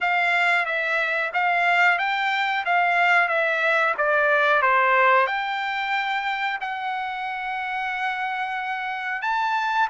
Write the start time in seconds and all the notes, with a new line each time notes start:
0.00 F5
0.65 E5
1.33 F5
1.98 G5
2.65 F5
3.28 E5
3.97 D5
4.62 C5
5.27 G5
6.60 F#5
9.22 A5